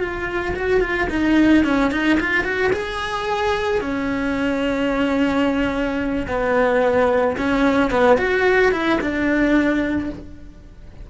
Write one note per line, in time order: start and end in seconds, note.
0.00 0.55 F4
0.55 0.80 F#4
0.80 1.07 F4
1.10 1.64 D#4
1.64 1.91 C#4
1.91 2.18 D#4
2.20 2.43 F4
2.43 2.71 F#4
2.72 3.81 G#4
3.81 6.26 C#4
6.27 7.36 B3
7.37 7.90 C#4
7.90 8.17 B3
8.18 8.72 F#4
8.72 8.99 E4
9.01 10.10 D4